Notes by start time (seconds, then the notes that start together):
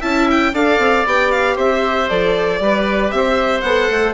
0.00 C#4 E4 E5 A5
0.30 G5
0.53 D4 A4 D5 F5
0.78 C4
1.05 B3 G4 G5
1.31 F5
1.56 C4 C5 E5
2.09 F3 A4 D5
2.60 G3 G4 B4
3.11 C4 E5
3.17 C5
3.61 B3 A4 F#5
3.90 A3